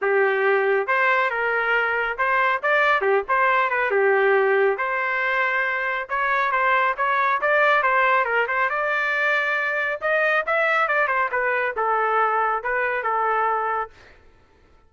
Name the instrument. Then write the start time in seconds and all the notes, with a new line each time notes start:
trumpet
0.01 G4
0.87 C5
1.30 A#4
2.18 C5
2.62 D5
3.01 G4
3.28 C5
3.70 B4
3.90 G4
4.77 C5
6.09 C#5
6.51 C5
6.97 C#5
7.41 D5
7.82 C5
8.25 A#4
8.47 C5
8.69 D5
10.01 D#5
10.46 E5
10.88 D5
11.07 C5
11.31 B4
11.76 A4
12.63 B4
13.03 A4